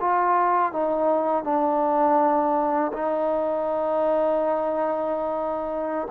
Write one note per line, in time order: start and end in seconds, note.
0.00 0.72 F4
0.72 1.44 D#4
1.44 2.92 D4
2.93 6.08 D#4